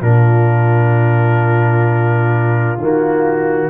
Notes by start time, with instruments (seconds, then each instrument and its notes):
0.00 tuba A#2, trombone D4, horn F4, trumpet A#4
2.77 tuba D#3, trombone A#3, trumpet F#4